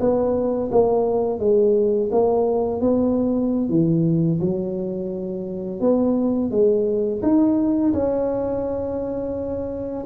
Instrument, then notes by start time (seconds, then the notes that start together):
tuba
0.00 B3
0.72 A#3
1.39 G#3
2.11 A#3
2.81 B3
3.69 E3
4.41 F#3
5.80 B3
6.51 G#3
7.22 D#4
7.93 C#4